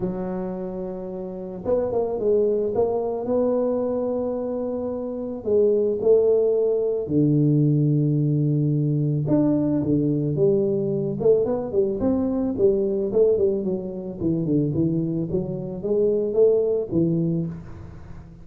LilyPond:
\new Staff \with { instrumentName = "tuba" } { \time 4/4 \tempo 4 = 110 fis2. b8 ais8 | gis4 ais4 b2~ | b2 gis4 a4~ | a4 d2.~ |
d4 d'4 d4 g4~ | g8 a8 b8 g8 c'4 g4 | a8 g8 fis4 e8 d8 e4 | fis4 gis4 a4 e4 | }